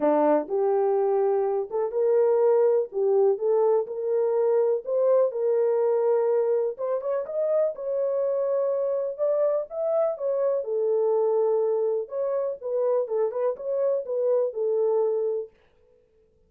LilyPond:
\new Staff \with { instrumentName = "horn" } { \time 4/4 \tempo 4 = 124 d'4 g'2~ g'8 a'8 | ais'2 g'4 a'4 | ais'2 c''4 ais'4~ | ais'2 c''8 cis''8 dis''4 |
cis''2. d''4 | e''4 cis''4 a'2~ | a'4 cis''4 b'4 a'8 b'8 | cis''4 b'4 a'2 | }